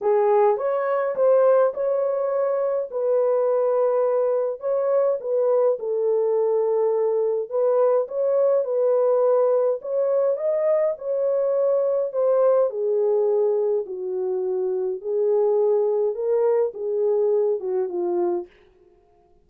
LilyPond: \new Staff \with { instrumentName = "horn" } { \time 4/4 \tempo 4 = 104 gis'4 cis''4 c''4 cis''4~ | cis''4 b'2. | cis''4 b'4 a'2~ | a'4 b'4 cis''4 b'4~ |
b'4 cis''4 dis''4 cis''4~ | cis''4 c''4 gis'2 | fis'2 gis'2 | ais'4 gis'4. fis'8 f'4 | }